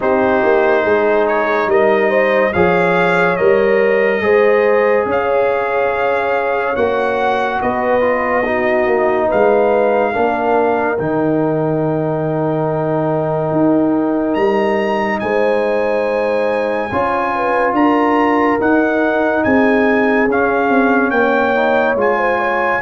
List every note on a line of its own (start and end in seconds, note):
0.00 0.43 C4
0.00 2.53 D#4
0.00 0.83 G4
0.00 1.27 C5
0.43 0.85 A#3
0.83 1.66 G#3
0.83 1.68 G#4
1.27 1.69 C#5
1.66 2.51 G3
1.66 2.09 A#4
1.66 2.53 D#5
2.09 2.52 C5
2.53 3.39 F3
2.53 3.38 G#4
2.53 4.22 C#5
2.53 3.36 F5
3.36 4.21 G3
3.36 4.21 A#4
3.36 5.05 D#5
4.21 5.05 G#3
4.21 6.75 G#4
4.21 5.08 C5
5.05 6.74 C#4
5.05 7.61 C#5
5.05 6.76 F5
6.76 7.60 A#3
6.76 8.01 F#4
6.76 7.60 F#5
7.61 8.86 B3
7.61 8.45 B4
7.61 9.30 D#5
8.01 8.43 F4
8.44 10.13 D#4
8.44 9.26 F#4
8.86 9.29 A#3
9.26 10.11 B4
9.26 10.99 F5
9.33 10.15 G#3
10.12 10.99 A#3
10.12 10.97 D4
10.12 15.19 A#4
10.98 13.51 D#3
10.98 16.90 D#4
10.98 14.34 G5
13.51 14.35 D#4
14.34 15.20 G3
14.34 15.18 A#5
15.19 16.91 G#3
15.19 16.91 C5
15.19 17.73 G#5
16.91 17.73 C#4
16.91 18.59 F4
16.91 17.33 C#5
17.35 17.74 B4
17.73 18.57 D4
17.73 19.43 A#4
17.73 18.59 A#5
18.59 20.28 D#4
18.59 19.44 D#4
18.59 19.43 F#5
19.43 20.27 C4
19.43 21.12 G#4
19.43 20.28 G#5
20.27 20.69 C#4
20.27 21.55 C#4
20.27 21.10 F5
20.69 21.10 C4
21.10 21.95 A#3
21.10 22.17 C#5
21.10 21.95 G5
21.55 21.96 D#4
21.95 22.79 G#3
21.95 22.81 F4
21.95 22.81 G#5
22.17 22.38 C5
22.38 22.80 C#5